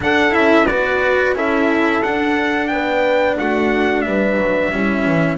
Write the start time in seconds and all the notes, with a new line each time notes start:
0.00 D4 A4 F#5
0.30 C#4 E4 E5
0.66 B3 F#4 B4 D5
1.33 C#4 E4 A4 E5
2.02 D4 F#5
2.67 B3 B4 G5
3.38 A3 F#4 F#5
4.01 G3 B4 E5
4.36 F#3
4.71 G3 C#4 E4
5.05 E3